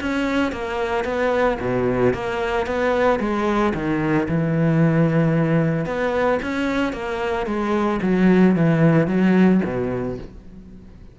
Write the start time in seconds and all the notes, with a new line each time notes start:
0.00 C#4
0.52 A#3
1.04 B3
1.59 B2
2.13 A#3
2.66 B3
3.19 G#3
3.74 D#3
4.28 E3
5.85 B3
6.42 C#4
6.93 A#3
7.46 G#3
8.02 F#3
8.55 E3
9.07 F#3
9.64 B2